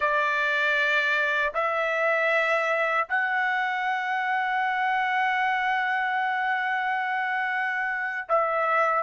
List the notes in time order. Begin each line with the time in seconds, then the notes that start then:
0.00 D5
1.53 E5
3.08 F#5
8.28 E5